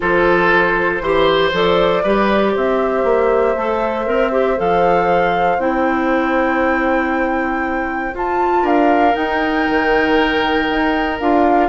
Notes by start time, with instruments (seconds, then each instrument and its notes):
0.00 bassoon F3, clarinet F4, oboe A4, flute C5
1.01 bassoon E3, clarinet G4, oboe C5
1.52 bassoon F3, clarinet A4, flute D5
2.03 bassoon G3, clarinet G4, oboe B4
2.52 bassoon C4, oboe C5, flute E5
3.04 bassoon A#3
3.56 bassoon A3, clarinet A4
4.05 bassoon C4, clarinet A#4
4.31 clarinet G4
4.57 bassoon F3, clarinet A4, flute F5
5.58 bassoon C4, clarinet E4, flute G5
8.12 clarinet F4, bassoon F4, flute A5
8.62 bassoon D4, oboe A#4, flute F5
9.13 clarinet D#4, bassoon D#4, flute G5
9.69 bassoon D#3
10.69 bassoon D#4
11.19 bassoon D4, clarinet F4, flute F5